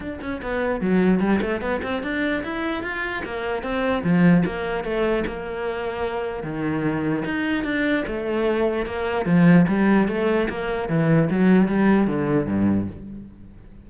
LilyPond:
\new Staff \with { instrumentName = "cello" } { \time 4/4 \tempo 4 = 149 d'8 cis'8 b4 fis4 g8 a8 | b8 c'8 d'4 e'4 f'4 | ais4 c'4 f4 ais4 | a4 ais2. |
dis2 dis'4 d'4 | a2 ais4 f4 | g4 a4 ais4 e4 | fis4 g4 d4 g,4 | }